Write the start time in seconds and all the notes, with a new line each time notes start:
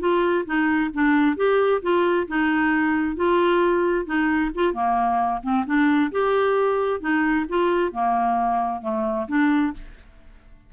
0.00 F4
0.46 D#4
0.94 D4
1.37 G4
1.82 F4
2.28 D#4
3.16 F4
4.06 D#4
4.55 F4
4.74 A#3
5.43 C4
5.66 D4
6.12 G4
7.01 D#4
7.49 F4
7.92 A#3
8.82 A3
9.28 D4